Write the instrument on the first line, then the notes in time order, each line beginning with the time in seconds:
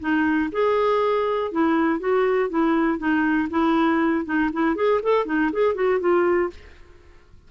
clarinet
0.00 D#4
0.52 G#4
1.52 E4
2.00 F#4
2.50 E4
2.99 D#4
3.50 E4
4.25 D#4
4.53 E4
4.76 G#4
5.03 A4
5.26 D#4
5.52 G#4
5.75 F#4
6.00 F4